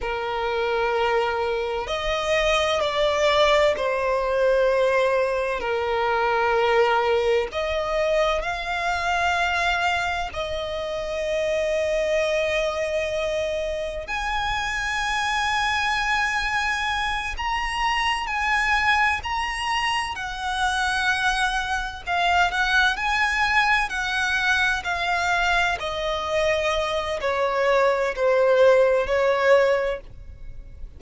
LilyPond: \new Staff \with { instrumentName = "violin" } { \time 4/4 \tempo 4 = 64 ais'2 dis''4 d''4 | c''2 ais'2 | dis''4 f''2 dis''4~ | dis''2. gis''4~ |
gis''2~ gis''8 ais''4 gis''8~ | gis''8 ais''4 fis''2 f''8 | fis''8 gis''4 fis''4 f''4 dis''8~ | dis''4 cis''4 c''4 cis''4 | }